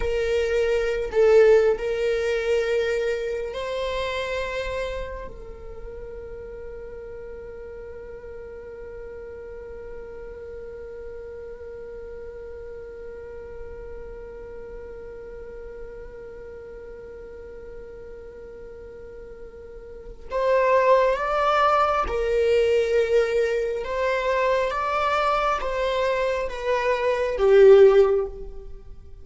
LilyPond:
\new Staff \with { instrumentName = "viola" } { \time 4/4 \tempo 4 = 68 ais'4~ ais'16 a'8. ais'2 | c''2 ais'2~ | ais'1~ | ais'1~ |
ais'1~ | ais'2. c''4 | d''4 ais'2 c''4 | d''4 c''4 b'4 g'4 | }